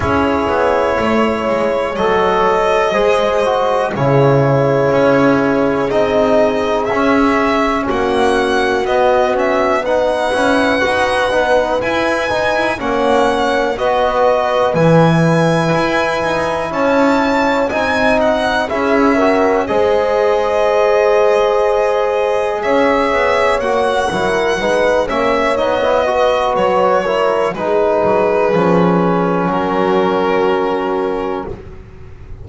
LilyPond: <<
  \new Staff \with { instrumentName = "violin" } { \time 4/4 \tempo 4 = 61 cis''2 dis''2 | cis''2 dis''4 e''4 | fis''4 dis''8 e''8 fis''2 | gis''4 fis''4 dis''4 gis''4~ |
gis''4 a''4 gis''8 fis''8 e''4 | dis''2. e''4 | fis''4. e''8 dis''4 cis''4 | b'2 ais'2 | }
  \new Staff \with { instrumentName = "horn" } { \time 4/4 gis'4 cis''2 c''4 | gis'1 | fis'2 b'2~ | b'4 cis''4 b'2~ |
b'4 cis''4 dis''4 gis'8 ais'8 | c''2. cis''4~ | cis''8 ais'8 b'8 cis''4 b'4 ais'8 | gis'2 fis'2 | }
  \new Staff \with { instrumentName = "trombone" } { \time 4/4 e'2 a'4 gis'8 fis'8 | e'2 dis'4 cis'4~ | cis'4 b8 cis'8 dis'8 e'8 fis'8 dis'8 | e'8 dis'8 cis'4 fis'4 e'4~ |
e'2 dis'4 e'8 fis'8 | gis'1 | fis'8 e'8 dis'8 cis'8 dis'16 e'16 fis'4 e'8 | dis'4 cis'2. | }
  \new Staff \with { instrumentName = "double bass" } { \time 4/4 cis'8 b8 a8 gis8 fis4 gis4 | cis4 cis'4 c'4 cis'4 | ais4 b4. cis'8 dis'8 b8 | e'8 dis'16 e'16 ais4 b4 e4 |
e'8 dis'8 cis'4 c'4 cis'4 | gis2. cis'8 b8 | ais8 fis8 gis8 ais8 b4 fis4 | gis8 fis8 f4 fis2 | }
>>